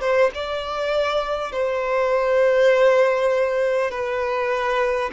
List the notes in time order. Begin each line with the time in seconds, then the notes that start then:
0.00 C5
0.34 D5
1.52 C5
3.91 B4